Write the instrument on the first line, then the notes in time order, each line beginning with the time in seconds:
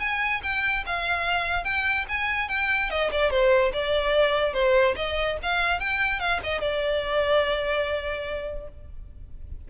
violin
0.00 G#5
0.43 G5
0.86 F5
1.64 G5
2.09 G#5
2.49 G5
2.90 D#5
3.12 D5
3.31 C5
3.73 D5
4.54 C5
4.96 D#5
5.43 F5
5.80 G5
6.20 F5
6.44 D#5
6.62 D5